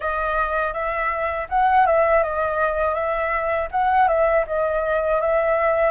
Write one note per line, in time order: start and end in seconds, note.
0.00 0.73 D#5
0.73 1.47 E5
1.49 1.86 F#5
1.86 2.23 E5
2.23 2.94 D#5
2.94 3.68 E5
3.71 4.07 F#5
4.07 4.44 E5
4.46 5.20 D#5
5.20 5.91 E5